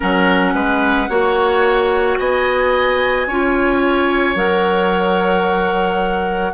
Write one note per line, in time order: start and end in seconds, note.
0.00 0.54 F#3
0.00 1.07 C#4
0.00 0.53 A#4
0.00 2.17 F#5
0.54 1.08 G#3
0.54 1.09 B4
1.09 2.18 A#3
1.09 3.27 F#4
1.09 2.18 C#5
2.17 3.26 B3
2.17 3.27 D#5
2.17 4.36 G#5
3.26 4.35 C#4
3.26 4.35 F4
3.26 6.53 C#5
4.35 6.53 F#3
4.35 6.53 A#4
4.35 6.53 F#5